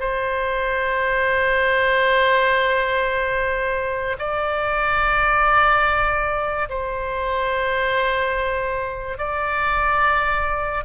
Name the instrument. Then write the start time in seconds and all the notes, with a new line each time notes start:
oboe
0.00 C5
4.19 D5
6.70 C5
9.18 D5